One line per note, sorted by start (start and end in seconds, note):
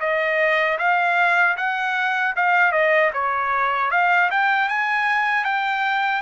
0.00 0.78 D#5
0.79 1.57 F5
1.57 2.35 F#5
2.36 2.72 F5
2.72 3.11 D#5
3.13 3.91 C#5
3.91 4.30 F5
4.31 4.69 G5
4.69 5.45 G#5
5.45 6.22 G5